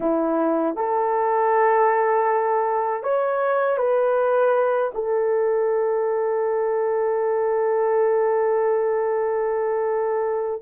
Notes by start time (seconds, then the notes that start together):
0.00 E4
0.76 A4
3.03 C#5
3.77 B4
4.94 A4